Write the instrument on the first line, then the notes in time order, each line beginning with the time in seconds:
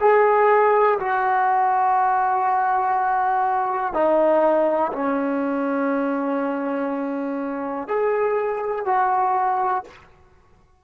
trombone
0.00 G#4
0.99 F#4
3.93 D#4
4.93 C#4
7.87 G#4
8.85 F#4